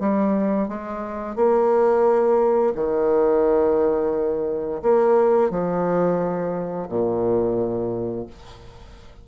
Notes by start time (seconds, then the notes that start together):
0.00 G3
0.68 G#3
1.36 A#3
2.75 D#3
4.82 A#3
5.50 F3
6.88 A#2